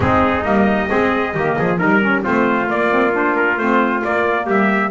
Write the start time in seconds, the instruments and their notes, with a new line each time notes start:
0.00 double bass G#3, saxophone C4, trumpet D#4 G#4
0.43 double bass G3, saxophone A#3, trumpet D#5
0.89 double bass G#3, saxophone C4, trumpet G#4
1.34 double bass D#3, saxophone A#3, trumpet G4
1.57 double bass F3, trumpet G#4
1.78 double bass G3, saxophone D#4, trumpet A#4
2.01 saxophone C#4
2.23 double bass A3, saxophone C4, trumpet F4 C5
2.66 saxophone A#3, double bass A#3, trumpet D5
2.90 saxophone C4
3.11 saxophone D4, trumpet C5
3.36 trumpet A#4
3.57 double bass A3, saxophone C4, trumpet C5
4.02 saxophone A#3, double bass A#3, trumpet D5
4.45 double bass G3, trumpet G4 E5